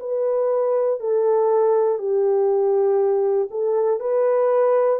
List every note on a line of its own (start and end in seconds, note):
0.00 1.00 B4
1.00 1.99 A4
1.99 3.49 G4
3.51 4.00 A4
4.00 5.00 B4